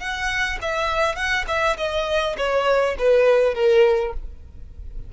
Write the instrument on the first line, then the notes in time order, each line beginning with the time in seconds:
violin
0.00 F#5
0.62 E5
1.16 F#5
1.48 E5
1.78 D#5
2.38 C#5
2.99 B4
3.55 A#4